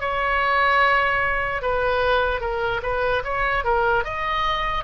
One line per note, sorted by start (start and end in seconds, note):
0.00 1.61 C#5
1.61 2.40 B4
2.40 2.81 A#4
2.82 3.23 B4
3.24 3.64 C#5
3.64 4.04 A#4
4.04 4.84 D#5